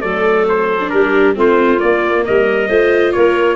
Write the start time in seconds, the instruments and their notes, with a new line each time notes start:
0.00 tuba F#3, viola A3, clarinet A4, trumpet D5
0.48 trumpet C5
0.80 viola D4
0.90 tuba G3, clarinet G4, trumpet A#4
1.35 tuba A3, viola C4, clarinet F4, trumpet C5
1.77 viola A#3, tuba A#3, trumpet D5
2.24 tuba G3, clarinet A#4, trumpet D#5
2.68 tuba A3, viola F4, clarinet C5
3.12 tuba A#3, clarinet A#4, trumpet C#5